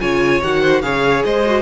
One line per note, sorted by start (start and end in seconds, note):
0.00 0.42 C#3
0.00 0.41 F4
0.00 0.61 C#5
0.00 0.41 G#5
0.43 0.82 D#3
0.43 0.83 F#4
0.43 0.82 F#5
0.61 0.82 C5
0.82 1.23 C#3
0.82 1.44 G#4
0.82 1.25 C#5
0.82 1.23 F5
1.25 1.62 G#3
1.25 1.62 C5
1.25 1.62 D#5
1.46 1.62 F#4